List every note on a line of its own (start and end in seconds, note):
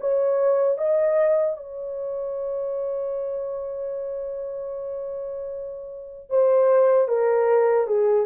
0.00 0.78 C#5
0.78 1.56 D#5
1.56 6.30 C#5
6.30 7.08 C5
7.08 7.87 A#4
7.87 8.26 G#4